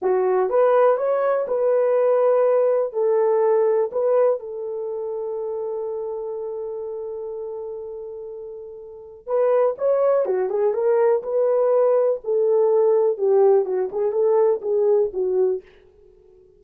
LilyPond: \new Staff \with { instrumentName = "horn" } { \time 4/4 \tempo 4 = 123 fis'4 b'4 cis''4 b'4~ | b'2 a'2 | b'4 a'2.~ | a'1~ |
a'2. b'4 | cis''4 fis'8 gis'8 ais'4 b'4~ | b'4 a'2 g'4 | fis'8 gis'8 a'4 gis'4 fis'4 | }